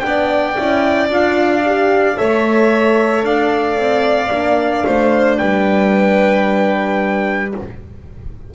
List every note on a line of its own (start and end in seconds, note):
0.00 0.57 B3
0.00 0.55 D4
0.00 2.18 D5
0.00 1.07 G5
0.57 1.09 C#4
0.57 1.10 E4
1.09 2.16 D4
1.09 1.64 F4
1.09 2.17 F5
1.65 2.16 G4
2.16 3.23 A3
2.16 4.30 A4
2.16 3.25 C#5
2.16 3.24 E5
3.23 3.76 D4
3.23 4.86 D5
3.23 5.38 F5
3.76 4.29 C4
4.30 4.84 A#3
4.30 7.52 D4
4.86 5.40 A3
4.86 5.40 C5
5.38 7.54 G3
5.38 7.54 B4
5.38 7.52 G5